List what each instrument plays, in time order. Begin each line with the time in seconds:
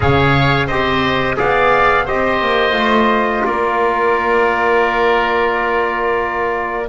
0.00 double bass C#3, trombone G#4, oboe C#5, trumpet F5
0.66 double bass C4, trombone G4, oboe C5, trumpet D#5
1.35 double bass B3, trombone G#4, oboe D5, trumpet F5
2.05 double bass C4, trombone G4, oboe C5, trumpet D#5
2.41 double bass A#3
2.71 double bass A3, trombone F4
3.44 double bass A#3, oboe A#4, trumpet D5